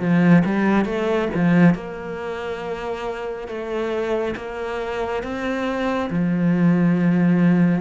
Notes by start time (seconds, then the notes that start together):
0.00 F3
0.45 G3
0.85 A3
1.35 F3
1.75 A#3
3.48 A3
4.36 A#3
5.23 C4
6.11 F3